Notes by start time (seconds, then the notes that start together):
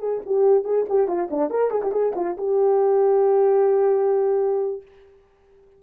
0.00 G#4
0.26 G4
0.65 G#4
0.89 G4
1.08 F4
1.31 D4
1.51 A#4
1.71 G#4
1.83 G4
1.92 G#4
2.16 F4
2.38 G4